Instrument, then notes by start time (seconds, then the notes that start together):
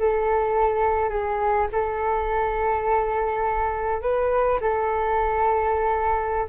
flute
0.00 A4
1.10 G#4
1.73 A4
4.02 B4
4.61 A4